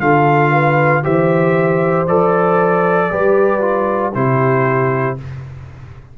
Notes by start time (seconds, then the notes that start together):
0.00 D3 F4 A4 F5
0.51 B4
1.03 E3 G4 C5 E5
2.07 F3 A4 D5
3.11 G3 G4 B4
3.61 F4
4.14 C3 E4 G4 C5